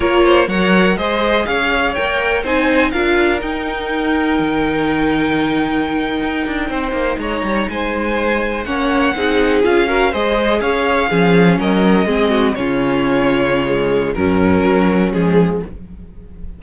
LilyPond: <<
  \new Staff \with { instrumentName = "violin" } { \time 4/4 \tempo 4 = 123 cis''4 fis''4 dis''4 f''4 | g''4 gis''4 f''4 g''4~ | g''1~ | g''2~ g''8. ais''4 gis''16~ |
gis''4.~ gis''16 fis''2 f''16~ | f''8. dis''4 f''2 dis''16~ | dis''4.~ dis''16 cis''2~ cis''16~ | cis''4 ais'2 gis'4 | }
  \new Staff \with { instrumentName = "violin" } { \time 4/4 ais'8 c''8 cis''4 c''4 cis''4~ | cis''4 c''4 ais'2~ | ais'1~ | ais'4.~ ais'16 c''4 cis''4 c''16~ |
c''4.~ c''16 cis''4 gis'4~ gis'16~ | gis'16 ais'8 c''4 cis''4 gis'4 ais'16~ | ais'8. gis'8 fis'8 f'2~ f'16~ | f'4 cis'2. | }
  \new Staff \with { instrumentName = "viola" } { \time 4/4 f'4 ais'4 gis'2 | ais'4 dis'4 f'4 dis'4~ | dis'1~ | dis'1~ |
dis'4.~ dis'16 cis'4 dis'4 f'16~ | f'16 fis'8 gis'2 cis'4~ cis'16~ | cis'8. c'4 cis'2~ cis'16 | gis4 fis2 gis4 | }
  \new Staff \with { instrumentName = "cello" } { \time 4/4 ais4 fis4 gis4 cis'4 | ais4 c'4 d'4 dis'4~ | dis'4 dis2.~ | dis8. dis'8 d'8 c'8 ais8 gis8 g8 gis16~ |
gis4.~ gis16 ais4 c'4 cis'16~ | cis'8. gis4 cis'4 f4 fis16~ | fis8. gis4 cis2~ cis16~ | cis4 fis,4 fis4 f4 | }
>>